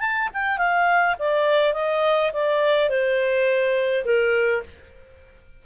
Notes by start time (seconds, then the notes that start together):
0.00 A5
0.34 G5
0.58 F5
1.19 D5
1.74 D#5
2.33 D5
2.89 C5
4.05 A#4